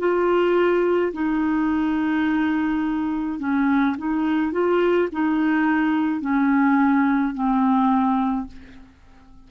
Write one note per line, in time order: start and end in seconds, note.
0.00 1.13 F4
1.14 3.40 D#4
3.40 3.97 C#4
3.98 4.52 D#4
4.52 5.09 F4
5.13 6.21 D#4
6.21 7.34 C#4
7.34 8.48 C4